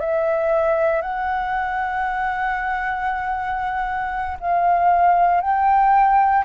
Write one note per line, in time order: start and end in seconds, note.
0.00 1.02 E5
1.02 4.38 F#5
4.40 5.41 F5
5.41 6.45 G5